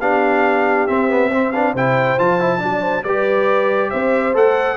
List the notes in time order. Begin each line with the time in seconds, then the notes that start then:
0.00 B3 D4 G4 F5
0.87 C4 E5
1.09 B3
1.30 C4 C5
1.52 D4 B4 F5
1.72 C3 E4 C5 G5
2.18 F3 F4 A5
2.40 E4
2.59 F#3 D4 D5
2.81 C5
3.03 G3 G4 B4 D5
3.90 C4 C5 E5
4.34 A3 A4 F#5